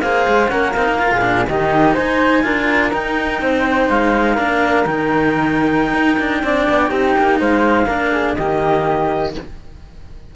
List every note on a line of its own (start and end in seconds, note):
0.00 0.26 A#3
0.00 0.48 G#4
0.00 0.51 C5
0.00 0.48 F5
0.28 0.52 G#3
0.48 0.76 A#3
0.48 0.72 C#4
0.48 1.12 A#4
0.48 0.73 F#5
0.73 0.88 C4
0.73 0.99 D#4
0.73 1.45 F5
0.88 1.11 A#3
0.99 1.21 F4
1.11 1.48 A#2
1.11 1.48 G#4
1.21 1.45 D4
1.48 1.96 D#3
1.48 2.43 D#4
1.48 1.94 G4
1.48 1.94 D#5
1.94 2.45 D#4
1.94 2.43 C5
1.94 2.91 G#5
2.43 2.93 D4
2.43 2.91 F4
2.43 3.41 A#4
2.93 3.41 D#4
2.93 4.37 D#4
2.93 3.90 G5
3.41 3.89 C4
3.41 4.33 C5
3.90 4.38 G#3
3.90 4.86 F5
4.33 4.86 A#3
4.33 4.85 D4
4.33 6.39 A#4
4.86 5.93 D#3
4.86 6.43 D#4
4.86 7.40 G5
5.93 6.17 D#4
6.19 6.43 D4
6.43 6.67 C4
6.43 6.87 D4
6.43 6.90 D5
6.69 6.91 B3
6.87 7.15 C4
6.87 7.84 D#4
6.87 7.38 G4
7.18 7.40 A#3
7.40 7.86 G#3
7.40 7.86 C5
7.40 8.35 F5
7.86 8.34 A#3
7.86 8.37 D4
7.86 8.10 A#4
8.11 8.36 G#4
8.35 9.35 D#3
8.35 9.36 A#3
8.35 9.35 G4
8.35 9.31 D#5